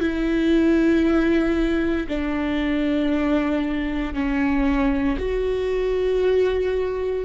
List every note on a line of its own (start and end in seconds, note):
0.00 2.07 E4
2.08 4.14 D4
4.14 5.17 C#4
5.18 7.25 F#4